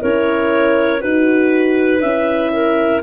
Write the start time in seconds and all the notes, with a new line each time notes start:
0.00 C#4 E4 A#4 C#5
1.00 D#4 F#4 B4
2.01 C#4 E4 E5
2.52 A#4